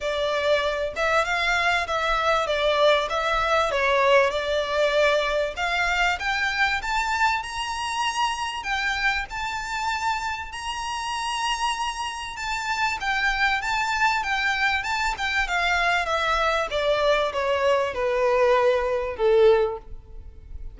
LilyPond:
\new Staff \with { instrumentName = "violin" } { \time 4/4 \tempo 4 = 97 d''4. e''8 f''4 e''4 | d''4 e''4 cis''4 d''4~ | d''4 f''4 g''4 a''4 | ais''2 g''4 a''4~ |
a''4 ais''2. | a''4 g''4 a''4 g''4 | a''8 g''8 f''4 e''4 d''4 | cis''4 b'2 a'4 | }